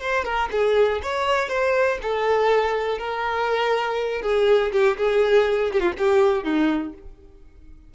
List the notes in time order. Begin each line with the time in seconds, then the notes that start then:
0.00 C5
0.24 A#4
0.52 G#4
1.03 C#5
1.49 C5
2.02 A4
2.98 A#4
4.22 G#4
4.72 G4
4.97 G#4
5.72 G4
5.80 F4
5.98 G4
6.43 D#4